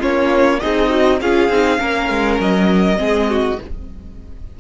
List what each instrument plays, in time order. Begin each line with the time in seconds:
0.00 cello A#3, viola C#4, violin F4 C#5
0.60 cello C4, violin D#4 D#5, viola G#4
0.90 viola F#4
1.21 cello C#4, viola F4, violin G#4 F5
1.50 cello C4, viola D#4
1.79 cello A#3, viola C#4, violin A#4
2.10 cello G#3
2.40 cello F#3, violin D#5
2.97 cello G#3, viola C4, violin G#4
3.30 violin F#4